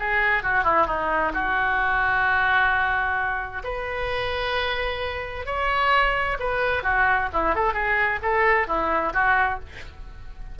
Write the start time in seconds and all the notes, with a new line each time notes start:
0.00 G#4
0.44 F#4
0.64 E4
0.87 D#4
1.34 F#4
3.64 B4
5.46 C#5
6.40 B4
6.84 F#4
7.34 E4
7.55 A4
7.74 G#4
8.23 A4
8.68 E4
9.14 F#4